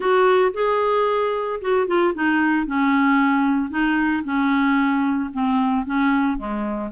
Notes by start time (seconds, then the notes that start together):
0.00 F#4
0.53 G#4
1.61 F#4
1.87 F4
2.14 D#4
2.66 C#4
3.70 D#4
4.23 C#4
5.33 C4
5.85 C#4
6.37 G#3